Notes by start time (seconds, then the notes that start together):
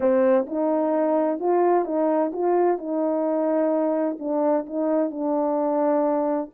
0.00 C4
0.46 D#4
1.39 F4
1.85 D#4
2.33 F4
2.78 D#4
4.19 D4
4.66 D#4
5.10 D4